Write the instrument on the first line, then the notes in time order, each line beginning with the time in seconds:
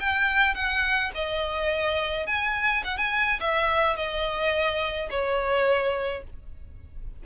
violin
0.00 G5
0.55 F#5
1.15 D#5
2.27 G#5
2.85 F#5
2.98 G#5
3.41 E5
3.97 D#5
5.11 C#5